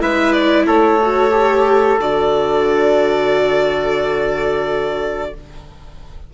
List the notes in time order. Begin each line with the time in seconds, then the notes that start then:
0.00 G#3 E4 B4 E5
0.33 D5
0.67 A3 A4 C#5
1.02 F#4
1.31 G4
2.00 D3 F#4 D5